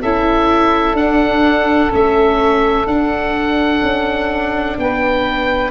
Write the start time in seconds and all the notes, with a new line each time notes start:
0.00 C#4 E4 A4 E5
0.94 D4 F#5
1.90 A3 C#4 E5
2.87 D4 F#5
3.83 C#4
4.78 B3 B4 G5